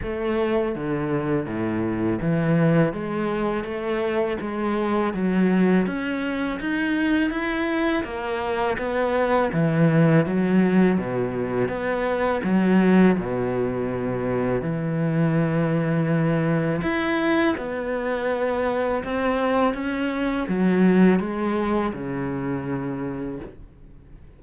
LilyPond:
\new Staff \with { instrumentName = "cello" } { \time 4/4 \tempo 4 = 82 a4 d4 a,4 e4 | gis4 a4 gis4 fis4 | cis'4 dis'4 e'4 ais4 | b4 e4 fis4 b,4 |
b4 fis4 b,2 | e2. e'4 | b2 c'4 cis'4 | fis4 gis4 cis2 | }